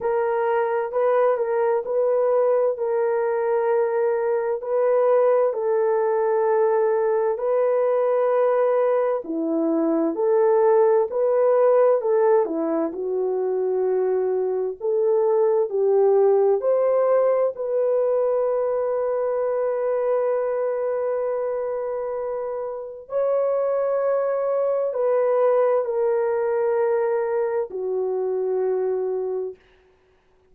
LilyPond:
\new Staff \with { instrumentName = "horn" } { \time 4/4 \tempo 4 = 65 ais'4 b'8 ais'8 b'4 ais'4~ | ais'4 b'4 a'2 | b'2 e'4 a'4 | b'4 a'8 e'8 fis'2 |
a'4 g'4 c''4 b'4~ | b'1~ | b'4 cis''2 b'4 | ais'2 fis'2 | }